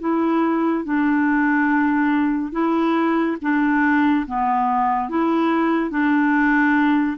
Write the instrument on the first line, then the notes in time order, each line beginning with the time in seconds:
clarinet
0.00 E4
0.85 D4
2.52 E4
3.42 D4
4.27 B3
5.09 E4
5.91 D4